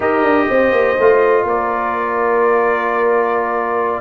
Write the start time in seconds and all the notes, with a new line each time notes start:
0.00 D#4 G4 A#4 D#5
0.22 D4
0.49 C4 C5
0.71 A#3
0.99 A3 F4
1.43 A#3 A#4 D5